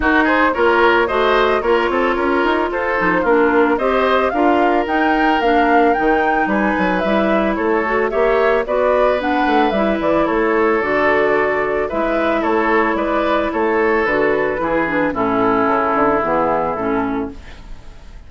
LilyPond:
<<
  \new Staff \with { instrumentName = "flute" } { \time 4/4 \tempo 4 = 111 ais'8 c''8 cis''4 dis''4 cis''4~ | cis''4 c''4 ais'4 dis''4 | f''4 g''4 f''4 g''4 | gis''4 e''4 cis''4 e''4 |
d''4 fis''4 e''8 d''8 cis''4 | d''2 e''4 cis''4 | d''4 cis''4 b'2 | a'2 gis'4 a'4 | }
  \new Staff \with { instrumentName = "oboe" } { \time 4/4 fis'8 gis'8 ais'4 c''4 ais'8 a'8 | ais'4 a'4 f'4 c''4 | ais'1 | b'2 a'4 cis''4 |
b'2. a'4~ | a'2 b'4 a'4 | b'4 a'2 gis'4 | e'1 | }
  \new Staff \with { instrumentName = "clarinet" } { \time 4/4 dis'4 f'4 fis'4 f'4~ | f'4. dis'8 d'4 g'4 | f'4 dis'4 d'4 dis'4~ | dis'4 e'4. fis'8 g'4 |
fis'4 d'4 e'2 | fis'2 e'2~ | e'2 fis'4 e'8 d'8 | cis'2 b4 cis'4 | }
  \new Staff \with { instrumentName = "bassoon" } { \time 4/4 dis'4 ais4 a4 ais8 c'8 | cis'8 dis'8 f'8 f8 ais4 c'4 | d'4 dis'4 ais4 dis4 | g8 fis8 g4 a4 ais4 |
b4. a8 g8 e8 a4 | d2 gis4 a4 | gis4 a4 d4 e4 | a,4 cis8 d8 e4 a,4 | }
>>